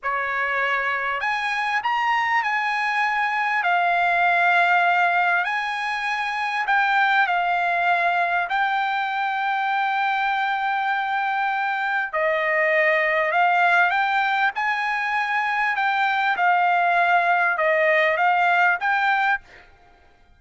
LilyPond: \new Staff \with { instrumentName = "trumpet" } { \time 4/4 \tempo 4 = 99 cis''2 gis''4 ais''4 | gis''2 f''2~ | f''4 gis''2 g''4 | f''2 g''2~ |
g''1 | dis''2 f''4 g''4 | gis''2 g''4 f''4~ | f''4 dis''4 f''4 g''4 | }